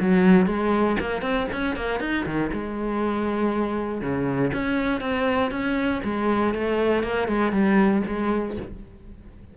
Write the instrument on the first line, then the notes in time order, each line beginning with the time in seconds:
cello
0.00 F#3
0.46 G#3
1.00 A#3
1.22 C4
1.52 C#4
1.76 A#3
2.00 D#4
2.26 D#3
2.53 G#3
4.01 C#3
4.53 C#4
5.01 C4
5.51 C#4
6.04 G#3
6.54 A3
7.03 A#3
7.28 G#3
7.52 G3
8.06 G#3